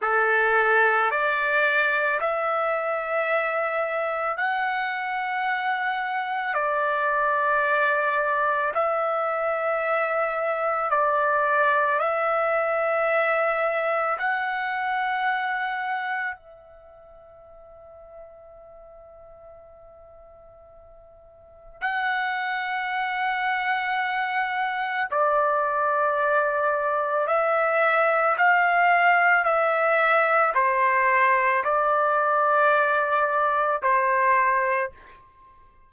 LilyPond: \new Staff \with { instrumentName = "trumpet" } { \time 4/4 \tempo 4 = 55 a'4 d''4 e''2 | fis''2 d''2 | e''2 d''4 e''4~ | e''4 fis''2 e''4~ |
e''1 | fis''2. d''4~ | d''4 e''4 f''4 e''4 | c''4 d''2 c''4 | }